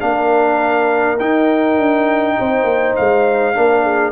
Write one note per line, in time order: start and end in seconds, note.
0.00 1.20 A#3
0.00 1.18 D4
0.00 2.37 A#4
0.00 1.18 F5
1.19 1.78 D#4
1.19 3.55 D#4
1.19 2.96 G5
1.78 2.37 D4
2.39 2.63 C4
2.39 3.56 C5
2.63 2.93 A#3
2.96 3.57 G#3
2.96 4.12 F5
3.55 4.12 A#3
3.55 4.12 D4
3.55 3.83 A#4
3.83 4.12 G#4